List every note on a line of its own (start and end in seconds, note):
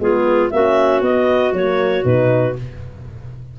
0.00 0.51 G#3
0.00 0.51 B3
0.00 0.52 F4
0.00 0.50 G#4
0.50 1.02 A#3
0.50 1.04 C#4
0.50 2.59 F#4
0.50 1.02 E5
1.02 1.53 B3
1.02 1.55 B3
1.02 1.54 D#5
1.53 2.04 F#3
1.53 2.03 A#3
1.53 2.05 C#5
2.03 2.56 B2
2.03 2.55 D#4
2.03 2.56 B4